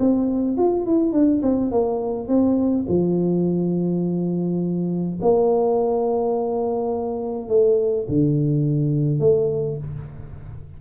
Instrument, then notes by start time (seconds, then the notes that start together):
tuba
0.00 C4
0.58 F4
0.86 E4
1.13 D4
1.43 C4
1.72 A#3
2.29 C4
2.89 F3
5.22 A#3
7.49 A3
8.09 D3
9.20 A3